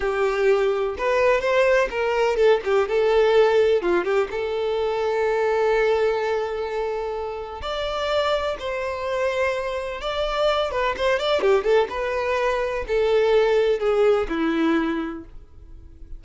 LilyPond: \new Staff \with { instrumentName = "violin" } { \time 4/4 \tempo 4 = 126 g'2 b'4 c''4 | ais'4 a'8 g'8 a'2 | f'8 g'8 a'2.~ | a'1 |
d''2 c''2~ | c''4 d''4. b'8 c''8 d''8 | g'8 a'8 b'2 a'4~ | a'4 gis'4 e'2 | }